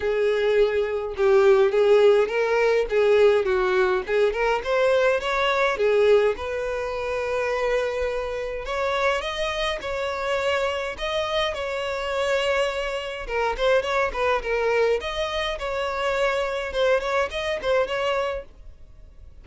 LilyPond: \new Staff \with { instrumentName = "violin" } { \time 4/4 \tempo 4 = 104 gis'2 g'4 gis'4 | ais'4 gis'4 fis'4 gis'8 ais'8 | c''4 cis''4 gis'4 b'4~ | b'2. cis''4 |
dis''4 cis''2 dis''4 | cis''2. ais'8 c''8 | cis''8 b'8 ais'4 dis''4 cis''4~ | cis''4 c''8 cis''8 dis''8 c''8 cis''4 | }